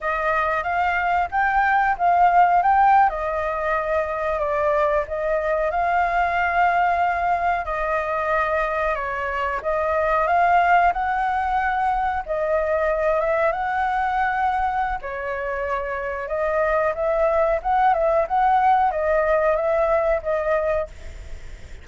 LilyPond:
\new Staff \with { instrumentName = "flute" } { \time 4/4 \tempo 4 = 92 dis''4 f''4 g''4 f''4 | g''8. dis''2 d''4 dis''16~ | dis''8. f''2. dis''16~ | dis''4.~ dis''16 cis''4 dis''4 f''16~ |
f''8. fis''2 dis''4~ dis''16~ | dis''16 e''8 fis''2~ fis''16 cis''4~ | cis''4 dis''4 e''4 fis''8 e''8 | fis''4 dis''4 e''4 dis''4 | }